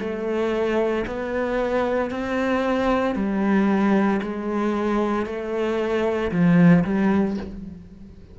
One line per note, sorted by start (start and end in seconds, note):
0.00 1.05 A3
1.07 2.11 B3
2.11 3.15 C4
3.15 4.21 G3
4.22 5.26 G#3
5.26 6.31 A3
6.31 6.84 F3
6.84 7.37 G3